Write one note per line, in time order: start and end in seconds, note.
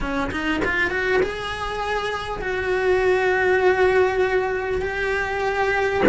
0.00 0.31 C#4
0.31 0.61 D#4
0.64 0.90 F4
0.90 1.20 F#4
1.22 2.41 G#4
2.41 4.81 F#4
4.81 6.02 G4